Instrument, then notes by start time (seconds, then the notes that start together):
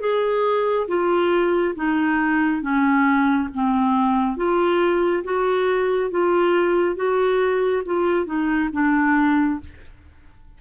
clarinet
0.00 G#4
0.87 F4
1.75 D#4
2.62 C#4
3.54 C4
4.36 F4
5.24 F#4
6.10 F4
6.96 F#4
7.85 F4
8.25 D#4
8.72 D4